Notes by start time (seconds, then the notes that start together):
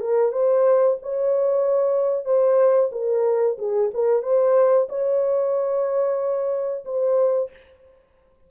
0.00 A#4
0.32 C5
1.02 C#5
2.25 C5
2.92 A#4
3.58 G#4
3.94 A#4
4.22 C5
4.89 C#5
6.85 C5